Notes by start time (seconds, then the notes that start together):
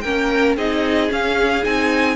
0.00 A#3 C#4 A#4 G5
0.57 C4 D#4 G#4 D#5
1.09 C#4 F5
1.63 C4 D#4 G#5